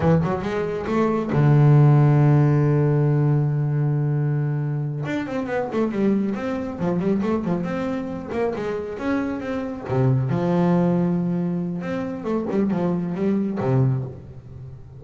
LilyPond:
\new Staff \with { instrumentName = "double bass" } { \time 4/4 \tempo 4 = 137 e8 fis8 gis4 a4 d4~ | d1~ | d2.~ d8 d'8 | c'8 b8 a8 g4 c'4 f8 |
g8 a8 f8 c'4. ais8 gis8~ | gis8 cis'4 c'4 c4 f8~ | f2. c'4 | a8 g8 f4 g4 c4 | }